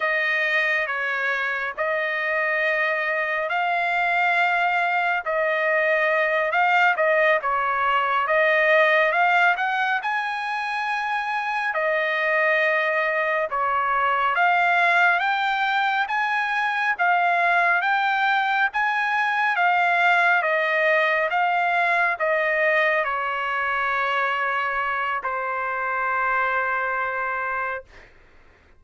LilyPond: \new Staff \with { instrumentName = "trumpet" } { \time 4/4 \tempo 4 = 69 dis''4 cis''4 dis''2 | f''2 dis''4. f''8 | dis''8 cis''4 dis''4 f''8 fis''8 gis''8~ | gis''4. dis''2 cis''8~ |
cis''8 f''4 g''4 gis''4 f''8~ | f''8 g''4 gis''4 f''4 dis''8~ | dis''8 f''4 dis''4 cis''4.~ | cis''4 c''2. | }